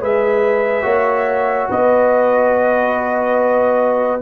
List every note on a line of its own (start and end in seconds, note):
0.00 0.85 G#3
0.00 0.82 G#4
0.00 0.83 B4
0.00 1.71 E5
0.82 1.69 A#3
0.82 4.20 F#4
0.82 1.68 C#5
1.70 4.21 B3
1.70 4.21 B4
1.70 4.21 D#5